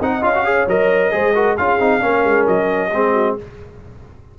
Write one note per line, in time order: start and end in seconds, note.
0.00 0.22 C4
0.00 0.22 D#4
0.00 0.45 D#5
0.00 0.24 F#5
0.22 0.66 C#4
0.22 0.33 F4
0.22 0.69 F5
0.35 0.45 F#4
0.45 0.67 G#4
0.45 1.13 C#5
0.68 1.12 F#3
0.68 1.11 A#4
0.68 1.57 D#5
1.11 1.58 G#3
1.11 1.34 G#4
1.11 1.35 C5
1.35 1.57 F#4
1.35 1.57 A#4
1.57 1.80 C#4
1.57 1.80 F4
1.57 2.03 G#4
1.57 2.47 F5
1.80 2.02 C4
1.80 2.01 D#4
2.01 2.24 A#3
2.01 2.90 C#4
2.01 2.91 A#4
2.24 2.47 G#3
2.47 2.93 F#3
2.47 3.37 D#5
2.91 3.37 G#3
2.91 3.39 C4
2.91 3.13 G#4
3.13 3.35 F#4